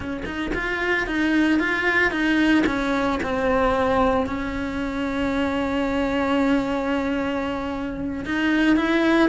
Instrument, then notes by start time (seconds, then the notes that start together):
cello
0.00 C#4
0.25 D#4
0.54 F4
1.06 D#4
1.59 F4
2.11 D#4
2.66 C#4
3.22 C4
4.26 C#4
8.25 D#4
8.76 E4